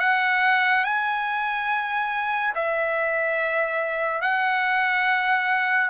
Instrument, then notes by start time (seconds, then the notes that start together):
trumpet
0.00 F#5
0.85 G#5
2.55 E5
4.22 F#5